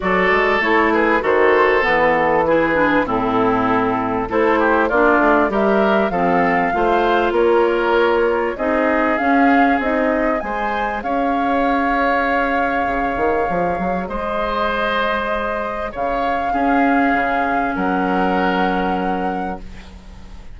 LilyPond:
<<
  \new Staff \with { instrumentName = "flute" } { \time 4/4 \tempo 4 = 98 d''4 cis''8 b'8 c''4 b'8 a'8 | b'4 a'2 c''4 | d''4 e''4 f''2 | cis''2 dis''4 f''4 |
dis''4 gis''4 f''2~ | f''2. dis''4~ | dis''2 f''2~ | f''4 fis''2. | }
  \new Staff \with { instrumentName = "oboe" } { \time 4/4 a'4. gis'8 a'2 | gis'4 e'2 a'8 g'8 | f'4 ais'4 a'4 c''4 | ais'2 gis'2~ |
gis'4 c''4 cis''2~ | cis''2. c''4~ | c''2 cis''4 gis'4~ | gis'4 ais'2. | }
  \new Staff \with { instrumentName = "clarinet" } { \time 4/4 fis'4 e'4 fis'4 b4 | e'8 d'8 c'2 e'4 | d'4 g'4 c'4 f'4~ | f'2 dis'4 cis'4 |
dis'4 gis'2.~ | gis'1~ | gis'2. cis'4~ | cis'1 | }
  \new Staff \with { instrumentName = "bassoon" } { \time 4/4 fis8 gis8 a4 dis4 e4~ | e4 a,2 a4 | ais8 a8 g4 f4 a4 | ais2 c'4 cis'4 |
c'4 gis4 cis'2~ | cis'4 cis8 dis8 f8 fis8 gis4~ | gis2 cis4 cis'4 | cis4 fis2. | }
>>